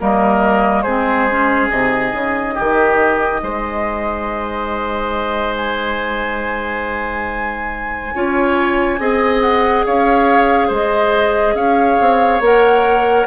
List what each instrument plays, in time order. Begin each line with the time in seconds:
0.00 bassoon G3, clarinet A#3, oboe A#4, flute D#5
0.82 bassoon G#3, clarinet C4, oboe G#4, flute C5
1.30 clarinet C#4
1.70 bassoon C3, clarinet D#4, flute D#5
2.13 bassoon C#3
2.55 bassoon D#3, oboe G4
3.42 bassoon G#3, oboe C5
5.57 flute G#5
8.15 bassoon C#4, clarinet F4, oboe C#5
8.99 bassoon C4, clarinet G#4, oboe D#5
9.41 flute F#5
9.86 bassoon C#4, oboe C#5, flute F5
10.68 bassoon G#3, oboe C5, flute D#5
11.55 bassoon C#4, oboe C#5, flute F5
12.01 bassoon C4
12.40 bassoon A#3, clarinet A#4, flute F#5